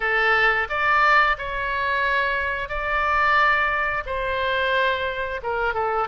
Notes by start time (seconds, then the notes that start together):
0.00 A4
0.69 D5
1.38 C#5
2.68 D5
4.05 C5
5.42 A#4
5.74 A4